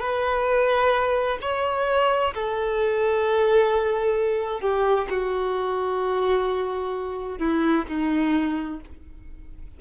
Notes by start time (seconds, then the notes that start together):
0.00 B4
1.42 C#5
2.34 A4
4.61 G4
5.10 F#4
7.39 E4
7.88 D#4